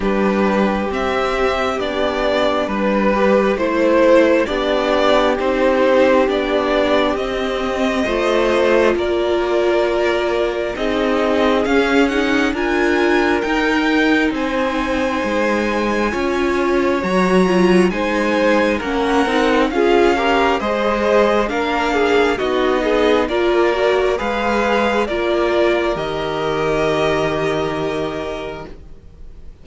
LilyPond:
<<
  \new Staff \with { instrumentName = "violin" } { \time 4/4 \tempo 4 = 67 b'4 e''4 d''4 b'4 | c''4 d''4 c''4 d''4 | dis''2 d''2 | dis''4 f''8 fis''8 gis''4 g''4 |
gis''2. ais''4 | gis''4 fis''4 f''4 dis''4 | f''4 dis''4 d''4 f''4 | d''4 dis''2. | }
  \new Staff \with { instrumentName = "violin" } { \time 4/4 g'2. b'4 | c''4 g'2.~ | g'4 c''4 ais'2 | gis'2 ais'2 |
c''2 cis''2 | c''4 ais'4 gis'8 ais'8 c''4 | ais'8 gis'8 fis'8 gis'8 ais'4 b'4 | ais'1 | }
  \new Staff \with { instrumentName = "viola" } { \time 4/4 d'4 c'4 d'4. g'8 | e'4 d'4 dis'4 d'4 | c'4 f'2. | dis'4 cis'8 dis'8 f'4 dis'4~ |
dis'2 f'4 fis'8 f'8 | dis'4 cis'8 dis'8 f'8 g'8 gis'4 | d'4 dis'4 f'8 fis'8 gis'4 | f'4 g'2. | }
  \new Staff \with { instrumentName = "cello" } { \time 4/4 g4 c'4 b4 g4 | a4 b4 c'4 b4 | c'4 a4 ais2 | c'4 cis'4 d'4 dis'4 |
c'4 gis4 cis'4 fis4 | gis4 ais8 c'8 cis'4 gis4 | ais4 b4 ais4 gis4 | ais4 dis2. | }
>>